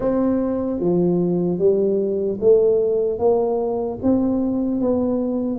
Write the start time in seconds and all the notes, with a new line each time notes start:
0.00 C4
0.80 F3
1.58 G3
2.40 A3
3.18 A#3
4.02 C4
4.80 B3